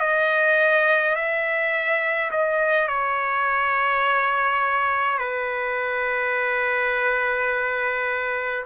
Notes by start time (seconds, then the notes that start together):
0.00 D#5
1.15 E5
2.31 D#5
2.88 C#5
5.19 B4